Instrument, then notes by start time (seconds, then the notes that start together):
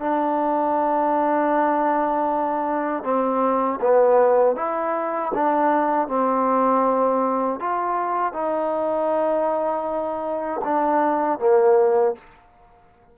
trombone
0.00 D4
3.04 C4
3.81 B3
4.56 E4
5.35 D4
6.08 C4
7.60 F4
8.34 D#4
10.64 D4
11.39 A#3